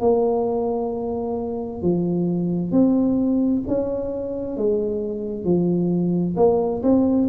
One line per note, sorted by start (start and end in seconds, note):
0.00 1.82 A#3
1.82 2.71 F3
2.71 3.62 C4
3.67 4.57 C#4
4.57 5.44 G#3
5.44 6.35 F3
6.36 6.82 A#3
6.83 7.28 C4